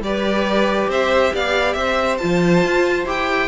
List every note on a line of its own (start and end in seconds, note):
0.00 0.87 G3
0.00 2.20 G4
0.00 0.89 B4
0.00 0.90 D5
0.88 1.31 C4
0.88 1.33 C5
0.88 1.35 E5
1.34 1.76 B3
1.34 1.77 D5
1.34 1.73 F5
1.73 2.19 C4
1.73 3.48 C5
1.73 2.17 E5
2.18 2.64 F3
2.18 3.06 F4
2.18 3.05 A5
2.64 3.06 F4
3.06 3.48 E4
3.06 3.48 G4
3.06 3.48 G5